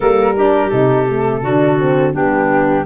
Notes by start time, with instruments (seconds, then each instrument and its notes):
0.00 tuba G3, horn A#3, clarinet A4, flute A#4
0.36 horn D4, clarinet G4
0.69 tuba C3, horn D#4, flute A4
1.08 horn A3
1.42 tuba D3, horn D4, clarinet F#4
1.79 horn C4
2.13 tuba G3, horn B3, clarinet D4, flute G4